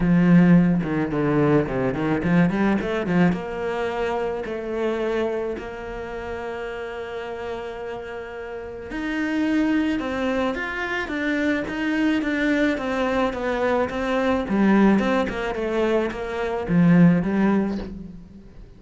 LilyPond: \new Staff \with { instrumentName = "cello" } { \time 4/4 \tempo 4 = 108 f4. dis8 d4 c8 dis8 | f8 g8 a8 f8 ais2 | a2 ais2~ | ais1 |
dis'2 c'4 f'4 | d'4 dis'4 d'4 c'4 | b4 c'4 g4 c'8 ais8 | a4 ais4 f4 g4 | }